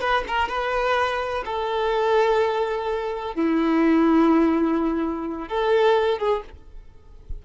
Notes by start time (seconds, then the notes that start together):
0.00 B4
0.27 A#4
0.48 B4
1.45 A4
3.35 E4
5.48 A4
6.18 G#4